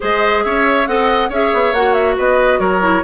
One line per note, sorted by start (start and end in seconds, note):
0.00 0.45 G#3
0.00 0.85 G#4
0.00 0.44 C5
0.00 0.43 D#5
0.43 0.87 C#4
0.43 0.88 C#5
0.43 0.86 E5
0.87 1.29 C4
0.87 1.30 A4
0.87 1.29 D#5
0.87 1.30 F#5
1.29 1.51 C#4
1.29 1.75 G#4
1.29 2.16 C#5
1.29 1.73 E5
1.53 1.73 B3
1.73 2.16 A#3
1.73 2.80 F#4
1.73 1.93 F#5
1.93 2.15 E5
2.16 2.59 B3
2.16 2.59 B4
2.16 2.59 D#5
2.59 3.02 F#3
2.59 3.03 A#4
2.59 3.03 C#5
2.80 3.02 E4